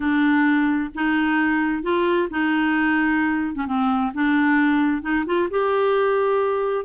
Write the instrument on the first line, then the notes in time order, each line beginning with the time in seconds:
clarinet
0.00 D4
0.94 D#4
1.82 F4
2.30 D#4
3.55 C#4
3.66 C4
4.14 D4
5.02 D#4
5.25 F4
5.50 G4